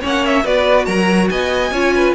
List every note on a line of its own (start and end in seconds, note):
0.00 0.44 A#3
0.00 0.44 C#4
0.00 0.43 C#5
0.00 0.25 F#5
0.25 0.46 E5
0.44 0.87 B3
0.44 1.72 F#4
0.44 0.86 B4
0.44 0.85 D5
0.85 1.30 F#3
0.85 1.29 A#4
0.85 1.28 A#5
1.29 1.71 B3
1.29 1.72 D#5
1.29 2.14 G#5
1.71 2.14 C#4
1.71 2.14 F4
1.71 1.93 C#5
1.94 2.14 B4